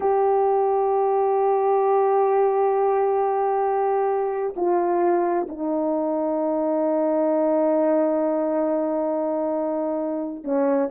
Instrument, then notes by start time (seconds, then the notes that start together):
horn
0.00 G4
4.56 F4
5.48 D#4
10.44 C#4